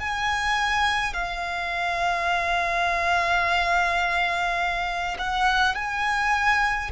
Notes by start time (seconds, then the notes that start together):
0.00 G#5
1.13 F5
5.19 F#5
5.75 G#5